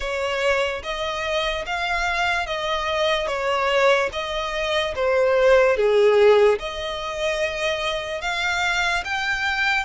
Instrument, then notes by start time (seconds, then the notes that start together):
violin
0.00 C#5
0.83 D#5
1.66 F5
2.46 D#5
3.27 C#5
4.12 D#5
4.95 C5
5.76 G#4
6.59 D#5
8.21 F5
9.04 G5